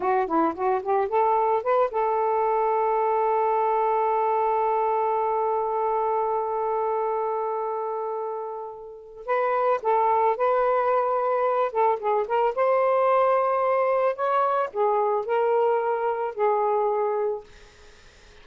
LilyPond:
\new Staff \with { instrumentName = "saxophone" } { \time 4/4 \tempo 4 = 110 fis'8 e'8 fis'8 g'8 a'4 b'8 a'8~ | a'1~ | a'1~ | a'1~ |
a'4 b'4 a'4 b'4~ | b'4. a'8 gis'8 ais'8 c''4~ | c''2 cis''4 gis'4 | ais'2 gis'2 | }